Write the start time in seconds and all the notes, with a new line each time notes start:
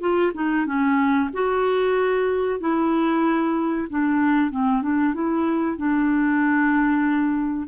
0.00 F4
0.34 D#4
0.66 C#4
1.33 F#4
2.60 E4
3.89 D4
4.51 C4
4.82 D4
5.14 E4
5.77 D4